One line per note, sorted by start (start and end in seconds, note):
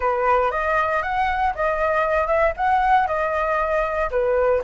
0.00 0.51 B4
0.51 1.02 D#5
1.02 1.53 F#5
1.54 2.27 D#5
2.27 2.53 E5
2.56 3.07 F#5
3.07 4.10 D#5
4.10 4.62 B4